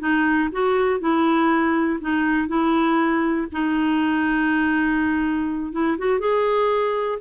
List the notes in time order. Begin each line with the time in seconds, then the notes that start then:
0.00 D#4
0.53 F#4
1.01 E4
2.02 D#4
2.48 E4
3.52 D#4
5.73 E4
5.99 F#4
6.20 G#4